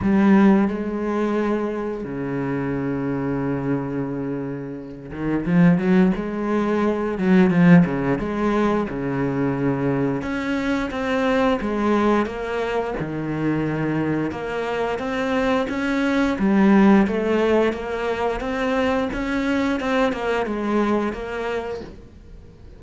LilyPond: \new Staff \with { instrumentName = "cello" } { \time 4/4 \tempo 4 = 88 g4 gis2 cis4~ | cis2.~ cis8 dis8 | f8 fis8 gis4. fis8 f8 cis8 | gis4 cis2 cis'4 |
c'4 gis4 ais4 dis4~ | dis4 ais4 c'4 cis'4 | g4 a4 ais4 c'4 | cis'4 c'8 ais8 gis4 ais4 | }